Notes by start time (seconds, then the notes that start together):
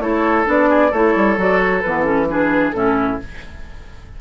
0.00 A3 E4 A4 C#5
0.45 B3 D4 D5
0.70 G#4
0.91 A3 E4 A4 C#5
1.16 G3
1.37 F#3 F#4 D5
1.59 C#5
1.81 E3 B3 B4
2.04 C#4 A4
2.30 D4 G#4 B4
2.72 A2 C#4 E4 A4